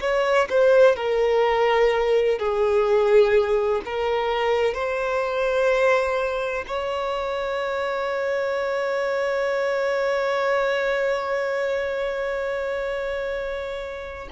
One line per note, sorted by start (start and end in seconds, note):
0.00 0.48 C#5
0.49 0.96 C5
0.96 2.39 A#4
2.39 3.81 G#4
3.85 4.74 A#4
4.74 6.65 C5
6.67 14.29 C#5